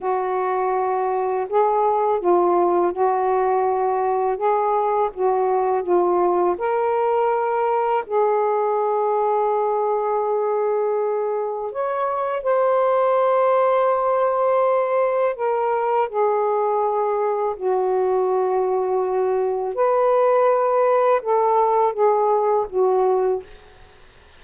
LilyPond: \new Staff \with { instrumentName = "saxophone" } { \time 4/4 \tempo 4 = 82 fis'2 gis'4 f'4 | fis'2 gis'4 fis'4 | f'4 ais'2 gis'4~ | gis'1 |
cis''4 c''2.~ | c''4 ais'4 gis'2 | fis'2. b'4~ | b'4 a'4 gis'4 fis'4 | }